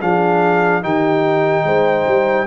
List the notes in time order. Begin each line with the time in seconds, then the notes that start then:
0.00 F3 D4 G#4 F5
0.83 D#3 D#4 G4 G5
1.65 G#3 C5
2.08 G3